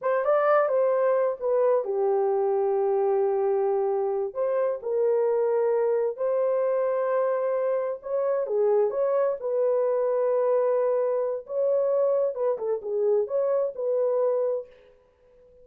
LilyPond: \new Staff \with { instrumentName = "horn" } { \time 4/4 \tempo 4 = 131 c''8 d''4 c''4. b'4 | g'1~ | g'4. c''4 ais'4.~ | ais'4. c''2~ c''8~ |
c''4. cis''4 gis'4 cis''8~ | cis''8 b'2.~ b'8~ | b'4 cis''2 b'8 a'8 | gis'4 cis''4 b'2 | }